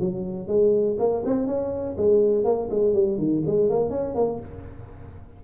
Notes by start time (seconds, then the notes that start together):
0.00 F#3
0.47 G#3
0.99 A#3
1.25 C4
1.47 C#4
1.97 G#3
2.44 A#3
2.70 G#3
2.94 G3
3.18 D#3
3.46 G#3
3.70 A#3
3.90 C#4
4.15 A#3